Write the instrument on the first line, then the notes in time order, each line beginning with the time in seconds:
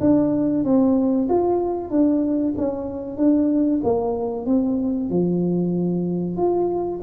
tuba
0.00 D4
0.64 C4
1.29 F4
1.90 D4
2.57 C#4
3.17 D4
3.84 A#3
4.46 C4
5.09 F3
6.37 F4